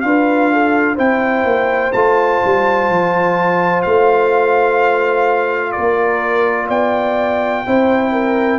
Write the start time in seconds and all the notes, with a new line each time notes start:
0.00 D4 F4 B4 F5
0.52 A4
0.94 C4 E4 C5 G5
1.44 A#3
1.92 A3 F4 A5
2.44 G3
2.89 F3
3.82 A3 F5
5.71 A#4 D5
5.77 A#3
6.66 B3 D5 G5
7.66 C4 E4 C5
8.12 A#4